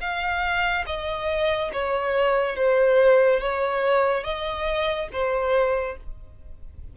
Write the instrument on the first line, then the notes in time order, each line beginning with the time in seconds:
violin
0.00 F5
0.86 D#5
1.72 C#5
2.56 C5
3.40 C#5
4.23 D#5
5.12 C5